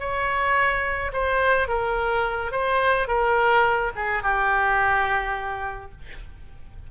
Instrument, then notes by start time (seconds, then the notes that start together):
oboe
0.00 C#5
1.13 C5
1.68 A#4
2.52 C5
3.08 A#4
3.96 G#4
4.23 G4